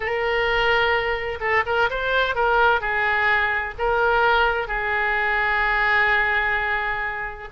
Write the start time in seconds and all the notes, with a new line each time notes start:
0.00 A#4
1.40 A4
1.66 A#4
1.90 C5
2.35 A#4
2.80 G#4
3.78 A#4
4.67 G#4